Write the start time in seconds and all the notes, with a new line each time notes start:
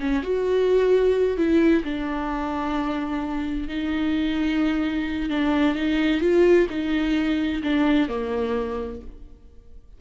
0.00 C#4
0.23 F#4
1.37 E4
1.84 D4
3.69 D#4
5.30 D4
5.75 D#4
6.21 F4
6.70 D#4
7.63 D4
8.09 A#3